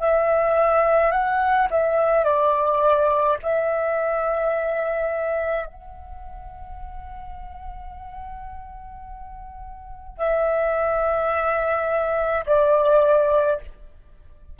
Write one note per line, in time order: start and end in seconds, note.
0.00 1.12 E5
1.12 1.68 F#5
1.71 2.25 E5
2.25 3.38 D5
3.43 5.67 E5
5.67 10.18 F#5
10.18 12.45 E5
12.46 13.60 D5